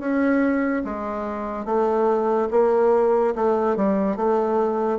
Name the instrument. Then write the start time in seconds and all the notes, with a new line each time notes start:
bassoon
0.00 C#4
0.84 G#3
1.66 A3
2.51 A#3
3.35 A3
3.77 G3
4.17 A3